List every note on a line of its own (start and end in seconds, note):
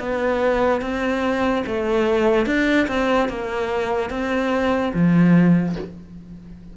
0.00 0.82 B3
0.82 1.64 C4
1.67 2.46 A3
2.46 2.87 D4
2.88 3.29 C4
3.29 4.11 A#3
4.11 4.93 C4
4.94 5.76 F3